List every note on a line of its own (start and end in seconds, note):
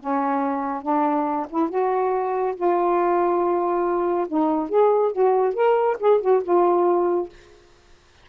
0.00 0.82 C#4
0.82 1.47 D4
1.50 1.70 E4
1.70 2.55 F#4
2.56 4.27 F4
4.28 4.70 D#4
4.70 5.12 G#4
5.12 5.55 F#4
5.55 5.97 A#4
6.00 6.21 G#4
6.21 6.43 F#4
6.43 7.29 F4